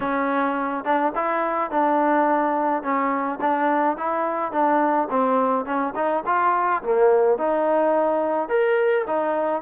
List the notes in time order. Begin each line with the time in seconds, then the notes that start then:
0.00 C#4
0.84 D4
1.15 E4
1.70 D4
2.82 C#4
3.40 D4
3.97 E4
4.52 D4
5.10 C4
5.65 C#4
5.95 D#4
6.25 F4
6.82 A#3
7.38 D#4
8.49 A#4
9.06 D#4